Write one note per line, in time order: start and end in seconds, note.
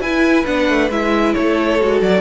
0.00 0.44 E4
0.00 0.46 E4
0.00 1.35 B4
0.00 0.45 G#5
0.46 0.69 B3
0.46 0.90 D4
0.46 0.90 F#5
0.69 0.89 A3
0.89 1.34 G#3
0.89 1.80 E4
0.89 1.34 E5
1.34 1.81 A3
1.34 2.20 A4
1.34 2.00 C#5
1.80 2.01 G#3
1.80 2.20 F#4
2.01 2.20 F#3
2.01 2.20 D5